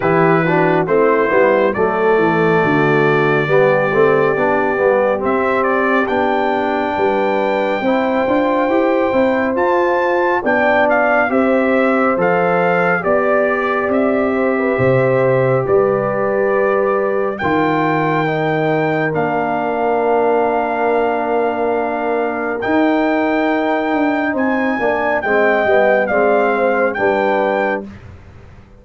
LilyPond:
<<
  \new Staff \with { instrumentName = "trumpet" } { \time 4/4 \tempo 4 = 69 b'4 c''4 d''2~ | d''2 e''8 d''8 g''4~ | g''2. a''4 | g''8 f''8 e''4 f''4 d''4 |
e''2 d''2 | g''2 f''2~ | f''2 g''2 | gis''4 g''4 f''4 g''4 | }
  \new Staff \with { instrumentName = "horn" } { \time 4/4 g'8 fis'8 e'4 a'4 fis'4 | g'1 | b'4 c''2. | d''4 c''2 d''4~ |
d''8 c''16 b'16 c''4 b'2 | ais'1~ | ais'1 | c''8 d''8 dis''4 d''8 c''8 b'4 | }
  \new Staff \with { instrumentName = "trombone" } { \time 4/4 e'8 d'8 c'8 b8 a2 | b8 c'8 d'8 b8 c'4 d'4~ | d'4 e'8 f'8 g'8 e'8 f'4 | d'4 g'4 a'4 g'4~ |
g'1 | f'4 dis'4 d'2~ | d'2 dis'2~ | dis'8 d'8 c'8 b8 c'4 d'4 | }
  \new Staff \with { instrumentName = "tuba" } { \time 4/4 e4 a8 g8 fis8 e8 d4 | g8 a8 b8 g8 c'4 b4 | g4 c'8 d'8 e'8 c'8 f'4 | b4 c'4 f4 b4 |
c'4 c4 g2 | dis2 ais2~ | ais2 dis'4. d'8 | c'8 ais8 gis8 g8 gis4 g4 | }
>>